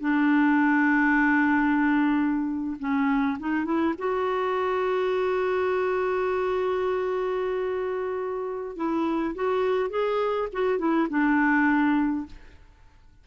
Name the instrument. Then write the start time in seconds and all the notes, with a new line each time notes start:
clarinet
0.00 D4
2.79 C#4
3.39 D#4
3.65 E4
3.98 F#4
8.76 E4
9.35 F#4
9.90 G#4
10.53 F#4
10.79 E4
11.09 D4